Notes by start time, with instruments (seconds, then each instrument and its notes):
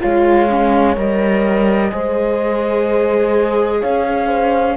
0.00 cello G#3, viola F4, horn C#5, flute F5
0.49 viola C#4
0.96 cello G3, viola A#4, flute D#5
1.91 cello G#3, viola G#4, horn C5
3.80 cello C#4, horn C#5, flute F5
4.27 horn C5